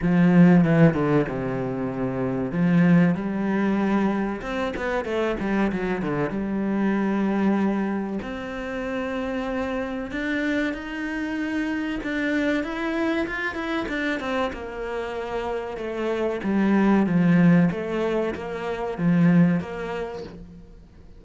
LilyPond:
\new Staff \with { instrumentName = "cello" } { \time 4/4 \tempo 4 = 95 f4 e8 d8 c2 | f4 g2 c'8 b8 | a8 g8 fis8 d8 g2~ | g4 c'2. |
d'4 dis'2 d'4 | e'4 f'8 e'8 d'8 c'8 ais4~ | ais4 a4 g4 f4 | a4 ais4 f4 ais4 | }